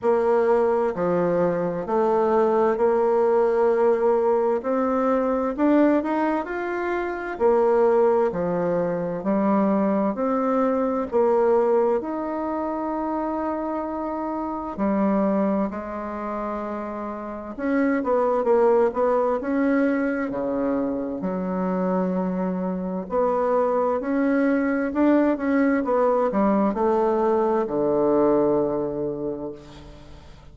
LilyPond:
\new Staff \with { instrumentName = "bassoon" } { \time 4/4 \tempo 4 = 65 ais4 f4 a4 ais4~ | ais4 c'4 d'8 dis'8 f'4 | ais4 f4 g4 c'4 | ais4 dis'2. |
g4 gis2 cis'8 b8 | ais8 b8 cis'4 cis4 fis4~ | fis4 b4 cis'4 d'8 cis'8 | b8 g8 a4 d2 | }